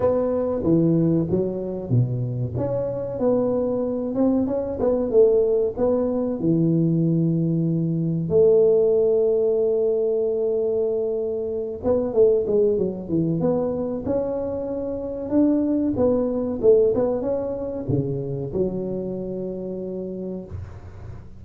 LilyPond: \new Staff \with { instrumentName = "tuba" } { \time 4/4 \tempo 4 = 94 b4 e4 fis4 b,4 | cis'4 b4. c'8 cis'8 b8 | a4 b4 e2~ | e4 a2.~ |
a2~ a8 b8 a8 gis8 | fis8 e8 b4 cis'2 | d'4 b4 a8 b8 cis'4 | cis4 fis2. | }